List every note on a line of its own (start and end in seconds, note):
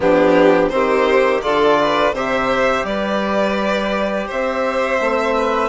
0.00 0.72 F3
0.00 0.70 B3
0.00 0.72 D4
0.00 0.69 G4
0.69 1.43 D#3
0.69 1.42 C4
0.69 1.43 G4
0.69 1.40 C5
1.41 2.12 D3
1.41 2.13 F4
1.41 1.79 A4
1.41 2.13 D5
1.80 2.14 B4
2.12 2.83 C3
2.12 4.99 G4
2.12 2.85 C5
2.12 2.85 E5
2.84 4.27 G3
2.84 4.26 B4
2.84 4.28 D5
4.26 5.00 C4
4.26 5.33 C5
4.26 5.69 E5
4.99 5.69 A3
4.99 5.69 C4
5.35 5.69 B4